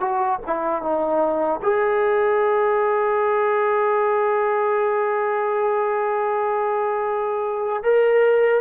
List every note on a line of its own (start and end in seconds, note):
0.00 0.39 F#4
0.46 0.82 E4
0.82 1.60 D#4
1.62 7.83 G#4
7.83 8.61 A#4